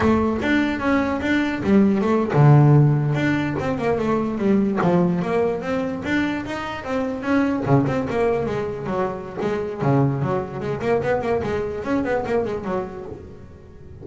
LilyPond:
\new Staff \with { instrumentName = "double bass" } { \time 4/4 \tempo 4 = 147 a4 d'4 cis'4 d'4 | g4 a8. d2 d'16~ | d'8. c'8 ais8 a4 g4 f16~ | f8. ais4 c'4 d'4 dis'16~ |
dis'8. c'4 cis'4 cis8 c'8 ais16~ | ais8. gis4 fis4~ fis16 gis4 | cis4 fis4 gis8 ais8 b8 ais8 | gis4 cis'8 b8 ais8 gis8 fis4 | }